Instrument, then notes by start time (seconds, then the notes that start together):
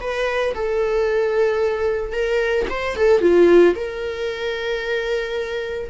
viola
0.00 B4
0.54 A4
2.12 A#4
2.69 C5
2.96 A4
3.21 F4
3.75 A#4